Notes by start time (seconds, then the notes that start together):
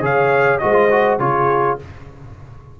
0.00 C#3 G#4 C#5 F5
0.58 G#3 F#4 C5 D#5
0.72 F4
0.90 F#4
1.19 C#3 F4 G#4 C#5